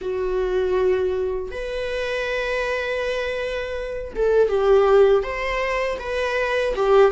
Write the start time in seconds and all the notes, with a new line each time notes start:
0.01 F#4
1.51 B4
4.15 A4
4.49 G4
5.23 C5
5.99 B4
6.75 G4